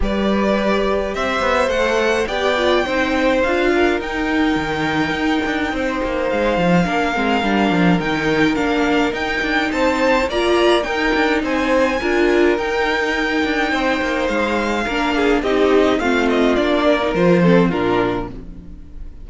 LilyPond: <<
  \new Staff \with { instrumentName = "violin" } { \time 4/4 \tempo 4 = 105 d''2 e''4 fis''4 | g''2 f''4 g''4~ | g''2. f''4~ | f''2 g''4 f''4 |
g''4 a''4 ais''4 g''4 | gis''2 g''2~ | g''4 f''2 dis''4 | f''8 dis''8 d''4 c''4 ais'4 | }
  \new Staff \with { instrumentName = "violin" } { \time 4/4 b'2 c''2 | d''4 c''4. ais'4.~ | ais'2 c''2 | ais'1~ |
ais'4 c''4 d''4 ais'4 | c''4 ais'2. | c''2 ais'8 gis'8 g'4 | f'4. ais'4 a'8 f'4 | }
  \new Staff \with { instrumentName = "viola" } { \time 4/4 g'2. a'4 | g'8 f'8 dis'4 f'4 dis'4~ | dis'1 | d'8 c'8 d'4 dis'4 d'4 |
dis'2 f'4 dis'4~ | dis'4 f'4 dis'2~ | dis'2 d'4 dis'4 | c'4 d'8. dis'16 f'8 c'8 d'4 | }
  \new Staff \with { instrumentName = "cello" } { \time 4/4 g2 c'8 b8 a4 | b4 c'4 d'4 dis'4 | dis4 dis'8 d'8 c'8 ais8 gis8 f8 | ais8 gis8 g8 f8 dis4 ais4 |
dis'8 d'8 c'4 ais4 dis'8 d'8 | c'4 d'4 dis'4. d'8 | c'8 ais8 gis4 ais4 c'4 | a4 ais4 f4 ais,4 | }
>>